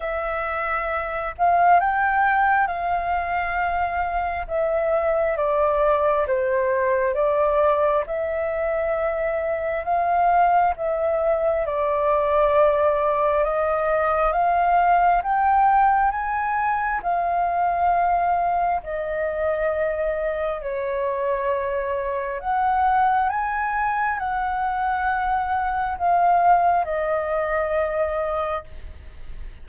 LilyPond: \new Staff \with { instrumentName = "flute" } { \time 4/4 \tempo 4 = 67 e''4. f''8 g''4 f''4~ | f''4 e''4 d''4 c''4 | d''4 e''2 f''4 | e''4 d''2 dis''4 |
f''4 g''4 gis''4 f''4~ | f''4 dis''2 cis''4~ | cis''4 fis''4 gis''4 fis''4~ | fis''4 f''4 dis''2 | }